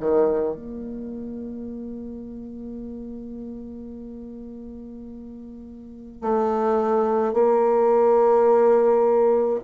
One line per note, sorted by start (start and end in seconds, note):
0.00 0.56 D#3
0.56 6.21 A#3
6.21 7.33 A3
7.33 9.60 A#3